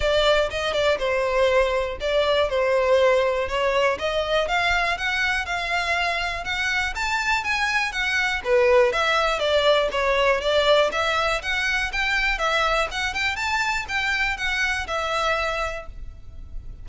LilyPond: \new Staff \with { instrumentName = "violin" } { \time 4/4 \tempo 4 = 121 d''4 dis''8 d''8 c''2 | d''4 c''2 cis''4 | dis''4 f''4 fis''4 f''4~ | f''4 fis''4 a''4 gis''4 |
fis''4 b'4 e''4 d''4 | cis''4 d''4 e''4 fis''4 | g''4 e''4 fis''8 g''8 a''4 | g''4 fis''4 e''2 | }